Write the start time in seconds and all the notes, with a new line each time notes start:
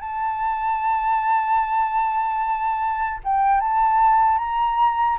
0.00 A5
3.24 G5
3.60 A5
4.38 A#5